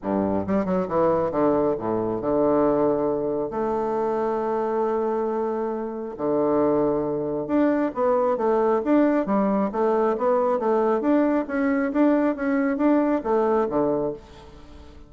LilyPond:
\new Staff \with { instrumentName = "bassoon" } { \time 4/4 \tempo 4 = 136 g,4 g8 fis8 e4 d4 | a,4 d2. | a1~ | a2 d2~ |
d4 d'4 b4 a4 | d'4 g4 a4 b4 | a4 d'4 cis'4 d'4 | cis'4 d'4 a4 d4 | }